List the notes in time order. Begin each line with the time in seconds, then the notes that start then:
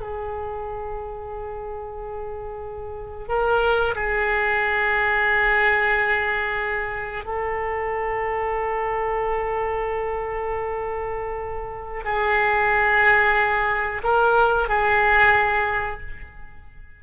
0.00 G#4
3.28 A#4
3.95 G#4
7.25 A4
12.04 G#4
14.03 A#4
14.69 G#4